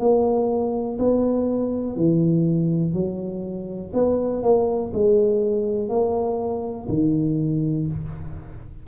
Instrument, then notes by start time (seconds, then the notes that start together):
tuba
0.00 A#3
0.99 B3
1.97 E3
2.94 F#3
3.94 B3
4.43 A#3
4.94 G#3
5.90 A#3
6.89 D#3